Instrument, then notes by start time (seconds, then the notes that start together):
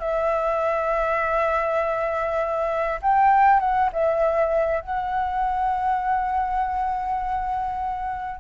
flute
0.00 E5
3.02 G5
3.60 F#5
3.93 E5
4.81 F#5